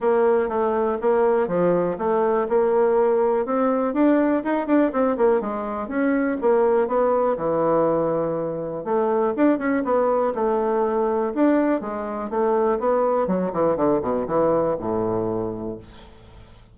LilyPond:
\new Staff \with { instrumentName = "bassoon" } { \time 4/4 \tempo 4 = 122 ais4 a4 ais4 f4 | a4 ais2 c'4 | d'4 dis'8 d'8 c'8 ais8 gis4 | cis'4 ais4 b4 e4~ |
e2 a4 d'8 cis'8 | b4 a2 d'4 | gis4 a4 b4 fis8 e8 | d8 b,8 e4 a,2 | }